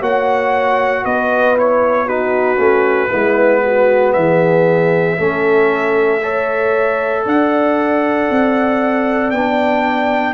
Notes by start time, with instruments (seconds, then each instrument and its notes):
0.00 tuba A#3, trombone F#4, horn C#5, trumpet F#5
1.04 tuba B3, horn B4, trumpet D#5
1.57 trombone E4, trumpet C#5
2.06 trombone D#4, horn F#4, trumpet B4
2.57 tuba A3, trombone C#4
3.10 tuba G#3, trombone B3, horn E4
3.64 horn F#4
4.14 tuba E3, horn G#4, trumpet E5
5.18 tuba A3, trombone C#4, horn A4
6.23 trombone A4, horn C#5
7.25 tuba D4, horn D5, trumpet F#5
8.31 tuba C4
9.31 tuba B3, trombone D4, trumpet G5